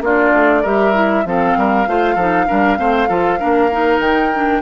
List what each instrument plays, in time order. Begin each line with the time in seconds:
0.00 bassoon A#3, clarinet D4, oboe F4, flute D5
0.33 bassoon A3
0.62 bassoon G3, clarinet G4, oboe A#4, flute E5
0.93 clarinet E4
1.25 bassoon F3, clarinet C4, oboe A4, flute F5
1.56 bassoon G3, oboe A#4
1.86 bassoon A3, clarinet F4, oboe C5
2.14 bassoon F3, clarinet D#4, oboe A4
2.47 bassoon G3, clarinet D4, oboe A#4
2.77 bassoon A3, clarinet C4, oboe C5
3.08 bassoon F3, clarinet F4, oboe A4
3.39 bassoon A#3, clarinet D4, oboe A#4
3.71 clarinet D#4
3.99 bassoon D#3, flute G5
4.33 clarinet D4